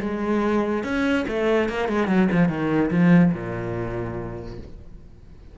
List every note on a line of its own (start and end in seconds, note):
0.00 0.83 G#3
0.83 1.25 C#4
1.27 1.69 A3
1.69 1.88 A#3
1.88 2.07 G#3
2.07 2.28 F#3
2.31 2.48 F3
2.48 2.90 D#3
2.90 3.32 F3
3.33 4.58 A#2